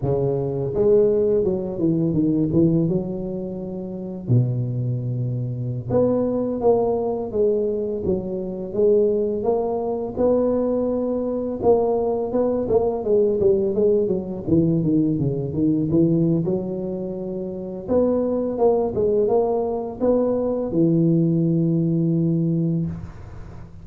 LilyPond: \new Staff \with { instrumentName = "tuba" } { \time 4/4 \tempo 4 = 84 cis4 gis4 fis8 e8 dis8 e8 | fis2 b,2~ | b,16 b4 ais4 gis4 fis8.~ | fis16 gis4 ais4 b4.~ b16~ |
b16 ais4 b8 ais8 gis8 g8 gis8 fis16~ | fis16 e8 dis8 cis8 dis8 e8. fis4~ | fis4 b4 ais8 gis8 ais4 | b4 e2. | }